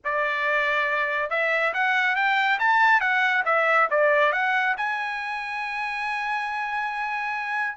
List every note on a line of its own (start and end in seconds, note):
0.04 1.29 D5
1.29 1.73 E5
1.73 2.15 F#5
2.15 2.58 G5
2.59 3.00 A5
3.00 3.43 F#5
3.45 3.88 E5
3.90 4.32 D5
4.32 4.75 F#5
4.77 7.77 G#5